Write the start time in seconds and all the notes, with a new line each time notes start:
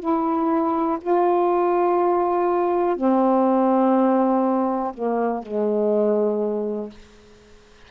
0.00 E4
1.01 F4
2.96 C4
4.94 A#3
5.43 G#3